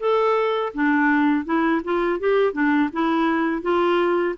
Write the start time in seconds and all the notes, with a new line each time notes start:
0.00 A4
0.74 D4
1.45 E4
1.84 F4
2.20 G4
2.53 D4
2.93 E4
3.63 F4